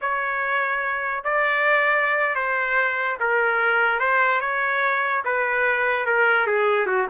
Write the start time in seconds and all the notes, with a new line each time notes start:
0.01 C#5
1.24 D5
2.35 C5
3.20 A#4
3.99 C5
4.40 C#5
5.25 B4
6.06 A#4
6.46 G#4
6.86 F#4